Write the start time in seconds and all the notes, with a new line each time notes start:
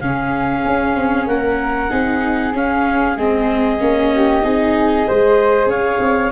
0.00 C#3 C#4 G#4 F5
0.65 C#4
0.96 C4
1.26 A#3 A#4 F#5
1.90 C4 D#4 G#4
2.54 C#4 F5
3.16 G#3 C4 D#5
3.79 A#3 C#4
4.14 G4
4.42 C4 D#4 G#4
5.06 G#3 G#4 C5
5.66 C#4 C#5 F5
5.99 C4